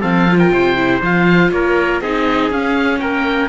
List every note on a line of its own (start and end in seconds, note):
0.00 0.51 F3
0.00 0.26 C4
0.00 0.37 A4
0.00 0.38 F5
0.29 0.76 F4
0.38 0.51 A#4
0.38 1.00 G5
0.51 1.01 C3
0.51 1.52 C5
0.76 1.01 E4
1.01 1.51 F3
1.01 2.03 F4
1.01 1.51 F5
1.51 2.01 A#3
1.51 2.02 A#4
1.51 2.01 C#5
2.01 2.50 C4
2.01 2.52 D#4
2.01 3.01 G#4
2.01 2.51 D#5
2.50 3.00 C#4
2.50 3.49 C#4
2.50 2.99 F5
2.99 3.49 A#3
2.99 3.49 A#4
2.99 3.49 G5